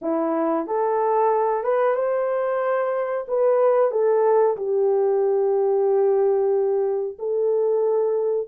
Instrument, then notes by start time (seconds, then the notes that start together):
horn
0.01 E4
0.67 A4
1.63 B4
1.95 C5
3.28 B4
3.91 A4
4.57 G4
7.18 A4